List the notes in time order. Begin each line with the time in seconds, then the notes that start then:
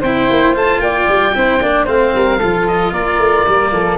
0.00 C4 E4 C5 G5
0.30 A#3
0.54 A3 F4 A5
0.79 A#3 D5 G5
1.08 G3
1.34 C4 E4 C5
1.61 A#3 D4 D5
1.84 A3 C4 C5 F5
2.15 G3 A#4
2.38 F3 F4 A4
2.67 D#5
2.92 A#3 A#4 D5
3.18 A3
3.46 G3 A#3
3.71 F3 A4